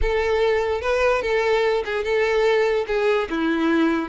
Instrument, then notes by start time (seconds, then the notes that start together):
violin
0.01 A4
0.81 B4
1.21 A4
1.85 G#4
2.04 A4
2.87 G#4
3.29 E4